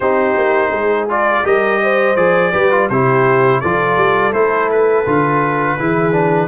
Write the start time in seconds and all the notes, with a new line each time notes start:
0.00 C4 D#4 G4 C5
0.36 A#3
0.69 G#3 G#4
1.09 F4 D5
1.43 G3 G4 A#4 D#5
1.83 C5
2.16 F3 G#4 D5
2.52 G3 G4 B4
2.71 F4
2.89 C3 E4 G4 C5
3.60 F3 F4 A4 D5
3.96 G3
4.33 A3 E4 C5
4.71 B4
5.06 D3 F4
5.78 E3 E4 G#4
6.12 D4